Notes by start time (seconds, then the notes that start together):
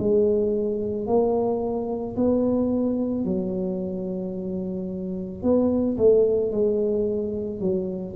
0.00 G#3
1.07 A#3
2.17 B3
3.25 F#3
5.43 B3
5.98 A3
6.52 G#3
7.61 F#3